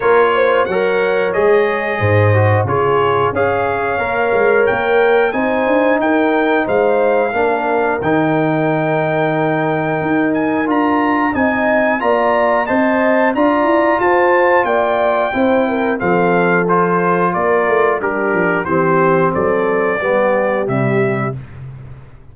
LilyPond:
<<
  \new Staff \with { instrumentName = "trumpet" } { \time 4/4 \tempo 4 = 90 cis''4 fis''4 dis''2 | cis''4 f''2 g''4 | gis''4 g''4 f''2 | g''2.~ g''8 gis''8 |
ais''4 gis''4 ais''4 a''4 | ais''4 a''4 g''2 | f''4 c''4 d''4 ais'4 | c''4 d''2 e''4 | }
  \new Staff \with { instrumentName = "horn" } { \time 4/4 ais'8 c''8 cis''2 c''4 | gis'4 cis''2. | c''4 ais'4 c''4 ais'4~ | ais'1~ |
ais'4 dis''4 d''4 dis''4 | d''4 c''4 d''4 c''8 ais'8 | a'2 ais'4 d'4 | g'4 a'4 g'2 | }
  \new Staff \with { instrumentName = "trombone" } { \time 4/4 f'4 ais'4 gis'4. fis'8 | f'4 gis'4 ais'2 | dis'2. d'4 | dis'1 |
f'4 dis'4 f'4 c''4 | f'2. e'4 | c'4 f'2 g'4 | c'2 b4 g4 | }
  \new Staff \with { instrumentName = "tuba" } { \time 4/4 ais4 fis4 gis4 gis,4 | cis4 cis'4 ais8 gis8 ais4 | c'8 d'8 dis'4 gis4 ais4 | dis2. dis'4 |
d'4 c'4 ais4 c'4 | d'8 e'8 f'4 ais4 c'4 | f2 ais8 a8 g8 f8 | e4 fis4 g4 c4 | }
>>